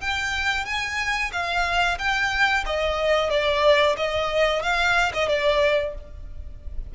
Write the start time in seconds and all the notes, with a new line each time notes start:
0.00 G5
0.65 G#5
1.32 F5
1.98 G5
2.66 D#5
3.30 D5
3.96 D#5
4.62 F5
5.13 D#5
5.28 D5